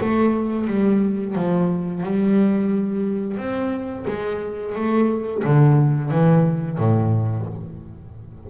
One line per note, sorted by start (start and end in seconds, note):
0.00 0.67 A3
0.67 1.35 G3
1.35 2.03 F3
2.03 3.37 G3
3.37 4.05 C4
4.07 4.75 G#3
4.75 5.43 A3
5.44 6.11 D3
6.11 6.78 E3
6.78 7.46 A2